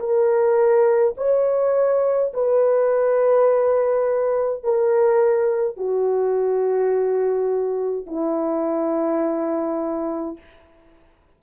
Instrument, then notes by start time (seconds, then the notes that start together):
horn
0.00 A#4
1.17 C#5
2.34 B4
4.64 A#4
5.77 F#4
8.07 E4